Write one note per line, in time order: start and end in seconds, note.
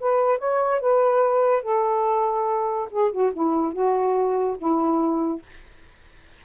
0.00 0.39 B4
0.39 0.80 C#5
0.80 1.63 B4
1.63 2.89 A4
2.91 3.12 G#4
3.12 3.33 F#4
3.33 3.73 E4
3.73 4.57 F#4
4.58 5.42 E4